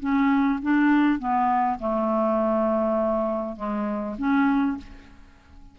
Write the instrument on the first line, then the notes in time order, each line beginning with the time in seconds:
clarinet
0.00 C#4
0.62 D4
1.19 B3
1.79 A3
3.56 G#3
4.18 C#4